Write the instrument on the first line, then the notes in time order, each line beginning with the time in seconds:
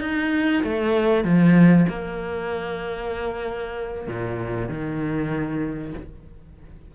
cello
0.00 D#4
0.63 A3
1.24 F3
1.88 A#3
4.07 A#2
4.68 D#3